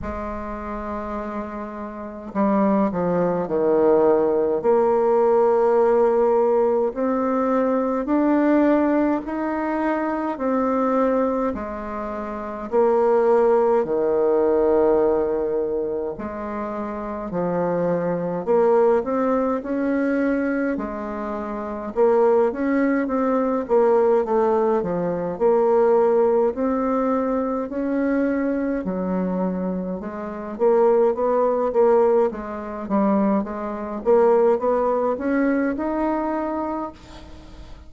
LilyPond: \new Staff \with { instrumentName = "bassoon" } { \time 4/4 \tempo 4 = 52 gis2 g8 f8 dis4 | ais2 c'4 d'4 | dis'4 c'4 gis4 ais4 | dis2 gis4 f4 |
ais8 c'8 cis'4 gis4 ais8 cis'8 | c'8 ais8 a8 f8 ais4 c'4 | cis'4 fis4 gis8 ais8 b8 ais8 | gis8 g8 gis8 ais8 b8 cis'8 dis'4 | }